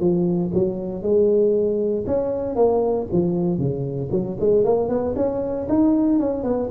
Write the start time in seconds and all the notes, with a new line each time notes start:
0.00 F3
0.54 F#3
1.03 G#3
2.07 C#4
2.56 A#3
3.12 F3
3.59 C#3
4.11 F#3
4.40 G#3
4.64 A#3
4.89 B3
5.16 C#4
5.69 D#4
6.19 C#4
6.44 B3